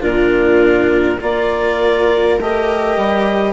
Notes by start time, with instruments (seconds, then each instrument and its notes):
0.00 bassoon A#2, cello D4, viola F4, clarinet A#4
1.20 bassoon A#3, cello F4, viola A#4, clarinet D5
2.40 bassoon A3, cello G4, clarinet D#5
2.97 bassoon G3